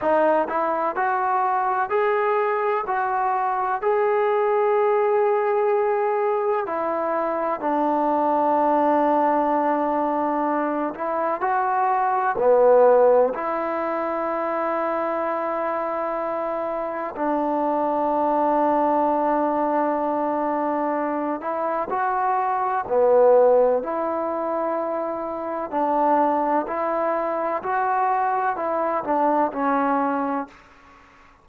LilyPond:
\new Staff \with { instrumentName = "trombone" } { \time 4/4 \tempo 4 = 63 dis'8 e'8 fis'4 gis'4 fis'4 | gis'2. e'4 | d'2.~ d'8 e'8 | fis'4 b4 e'2~ |
e'2 d'2~ | d'2~ d'8 e'8 fis'4 | b4 e'2 d'4 | e'4 fis'4 e'8 d'8 cis'4 | }